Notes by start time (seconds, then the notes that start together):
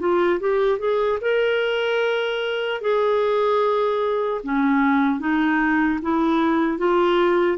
0.00 F4
0.40 G4
0.79 G#4
1.22 A#4
2.81 G#4
4.44 C#4
5.20 D#4
6.03 E4
6.78 F4